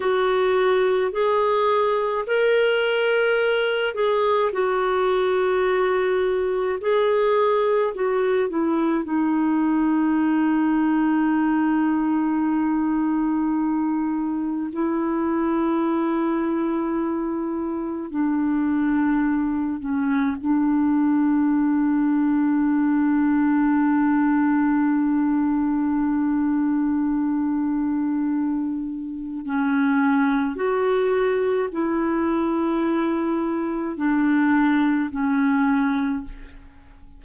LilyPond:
\new Staff \with { instrumentName = "clarinet" } { \time 4/4 \tempo 4 = 53 fis'4 gis'4 ais'4. gis'8 | fis'2 gis'4 fis'8 e'8 | dis'1~ | dis'4 e'2. |
d'4. cis'8 d'2~ | d'1~ | d'2 cis'4 fis'4 | e'2 d'4 cis'4 | }